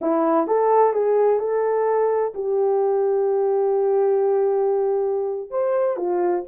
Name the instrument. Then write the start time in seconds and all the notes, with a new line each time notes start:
horn
0.01 E4
0.47 A4
0.93 G#4
1.39 A4
2.34 G4
5.50 C5
5.96 F4